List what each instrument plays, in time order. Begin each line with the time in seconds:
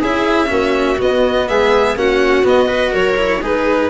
0.00 tuba C#4, cello E4, viola G#4, violin E5
0.48 tuba A#3, cello C#4, viola F#4
0.99 cello B3, tuba B3, violin D#5
1.49 tuba G#3, viola G#4, violin E5
1.96 tuba A#3, cello C#4, viola F#4, violin F#5
2.44 cello B3, tuba B3, violin D#5
2.66 cello F#4, viola B4
2.91 tuba F#3, viola A#4, violin C#5
3.17 cello E4
3.42 tuba G#3, cello D#4, viola G#4, violin B4